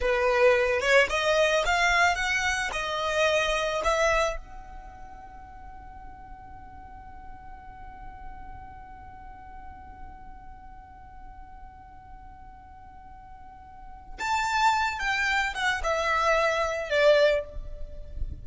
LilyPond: \new Staff \with { instrumentName = "violin" } { \time 4/4 \tempo 4 = 110 b'4. cis''8 dis''4 f''4 | fis''4 dis''2 e''4 | fis''1~ | fis''1~ |
fis''1~ | fis''1~ | fis''2 a''4. g''8~ | g''8 fis''8 e''2 d''4 | }